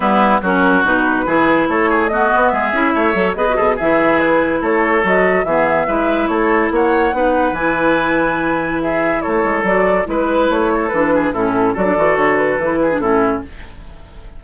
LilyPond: <<
  \new Staff \with { instrumentName = "flute" } { \time 4/4 \tempo 4 = 143 b'4 ais'4 b'2 | cis''4 dis''4 e''2 | dis''4 e''4 b'4 cis''4 | dis''4 e''2 cis''4 |
fis''2 gis''2~ | gis''4 e''4 cis''4 d''4 | b'4 cis''4 b'4 a'4 | d''4 cis''8 b'4. a'4 | }
  \new Staff \with { instrumentName = "oboe" } { \time 4/4 e'4 fis'2 gis'4 | a'8 gis'8 fis'4 gis'4 cis''4 | b'8 a'8 gis'2 a'4~ | a'4 gis'4 b'4 a'4 |
cis''4 b'2.~ | b'4 gis'4 a'2 | b'4. a'4 gis'8 e'4 | a'2~ a'8 gis'8 e'4 | }
  \new Staff \with { instrumentName = "clarinet" } { \time 4/4 b4 cis'4 dis'4 e'4~ | e'4 b4. e'4 a'8 | gis'16 fis'16 gis'8 e'2. | fis'4 b4 e'2~ |
e'4 dis'4 e'2~ | e'2. fis'4 | e'2 d'4 cis'4 | fis'16 d'16 fis'4. e'8. d'16 cis'4 | }
  \new Staff \with { instrumentName = "bassoon" } { \time 4/4 g4 fis4 b,4 e4 | a4. b8 gis8 cis'8 a8 fis8 | b8 b,8 e2 a4 | fis4 e4 gis4 a4 |
ais4 b4 e2~ | e2 a8 gis8 fis4 | gis4 a4 e4 a,4 | fis8 e8 d4 e4 a,4 | }
>>